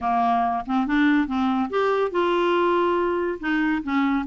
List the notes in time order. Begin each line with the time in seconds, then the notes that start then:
0.00 A#3
0.66 C4
0.86 D4
1.27 C4
1.70 G4
2.11 F4
3.40 D#4
3.83 C#4